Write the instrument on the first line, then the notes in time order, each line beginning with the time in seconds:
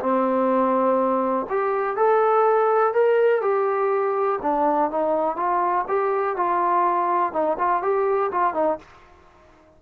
trombone
0.00 C4
1.49 G4
1.96 A4
2.94 A#4
3.42 G4
4.42 D4
4.91 D#4
5.37 F4
5.88 G4
6.36 F4
7.33 D#4
7.58 F4
7.82 G4
8.31 F4
8.54 D#4